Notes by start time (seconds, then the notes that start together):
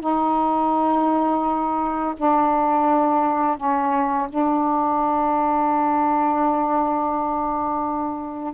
0.00 D#4
2.17 D4
3.57 C#4
4.29 D4